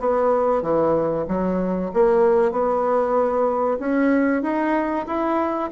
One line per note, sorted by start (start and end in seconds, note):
0.00 0.62 B3
0.62 1.25 E3
1.28 1.91 F#3
1.94 2.52 A#3
2.52 3.78 B3
3.80 4.43 C#4
4.43 5.06 D#4
5.07 5.70 E4